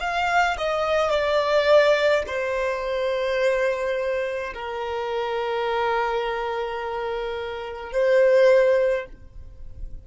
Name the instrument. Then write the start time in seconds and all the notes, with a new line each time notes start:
violin
0.00 F5
0.58 D#5
1.10 D5
2.27 C5
4.54 A#4
7.92 C5